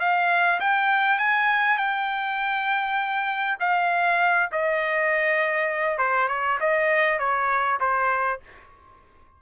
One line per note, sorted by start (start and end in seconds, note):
0.00 0.60 F5
0.60 1.18 G5
1.18 1.77 G#5
1.77 3.57 G5
3.60 4.50 F5
4.52 5.98 D#5
5.98 6.28 C5
6.28 6.58 C#5
6.60 7.19 D#5
7.19 7.79 C#5
7.80 8.40 C5